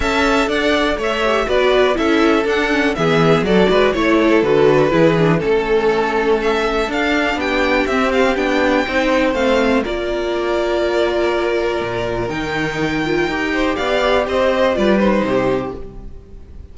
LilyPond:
<<
  \new Staff \with { instrumentName = "violin" } { \time 4/4 \tempo 4 = 122 a''4 fis''4 e''4 d''4 | e''4 fis''4 e''4 d''4 | cis''4 b'2 a'4~ | a'4 e''4 f''4 g''4 |
e''8 f''8 g''2 f''4 | d''1~ | d''4 g''2. | f''4 dis''4 d''8 c''4. | }
  \new Staff \with { instrumentName = "violin" } { \time 4/4 e''4 d''4 cis''4 b'4 | a'2 gis'4 a'8 b'8 | cis''8 a'4. gis'4 a'4~ | a'2. g'4~ |
g'2 c''2 | ais'1~ | ais'2.~ ais'8 c''8 | d''4 c''4 b'4 g'4 | }
  \new Staff \with { instrumentName = "viola" } { \time 4/4 a'2~ a'8 g'8 fis'4 | e'4 d'8 cis'8 b4 fis'4 | e'4 fis'4 e'8 d'8 cis'4~ | cis'2 d'2 |
c'4 d'4 dis'4 c'4 | f'1~ | f'4 dis'4. f'8 g'4~ | g'2 f'8 dis'4. | }
  \new Staff \with { instrumentName = "cello" } { \time 4/4 cis'4 d'4 a4 b4 | cis'4 d'4 e4 fis8 gis8 | a4 d4 e4 a4~ | a2 d'4 b4 |
c'4 b4 c'4 a4 | ais1 | ais,4 dis2 dis'4 | b4 c'4 g4 c4 | }
>>